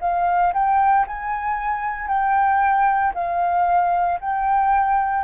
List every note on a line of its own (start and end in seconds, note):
0.00 0.53 F5
0.53 1.06 G5
1.06 2.07 G#5
2.07 3.12 G5
3.14 4.19 F5
4.20 5.24 G5